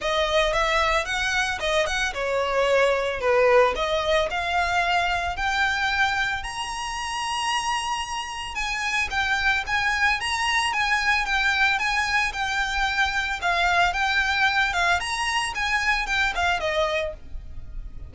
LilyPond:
\new Staff \with { instrumentName = "violin" } { \time 4/4 \tempo 4 = 112 dis''4 e''4 fis''4 dis''8 fis''8 | cis''2 b'4 dis''4 | f''2 g''2 | ais''1 |
gis''4 g''4 gis''4 ais''4 | gis''4 g''4 gis''4 g''4~ | g''4 f''4 g''4. f''8 | ais''4 gis''4 g''8 f''8 dis''4 | }